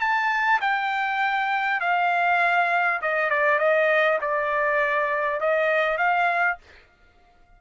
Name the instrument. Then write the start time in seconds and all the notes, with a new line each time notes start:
trumpet
0.00 A5
0.61 G5
1.80 F5
3.02 D#5
3.30 D5
3.59 D#5
4.21 D5
5.40 D#5
5.97 F5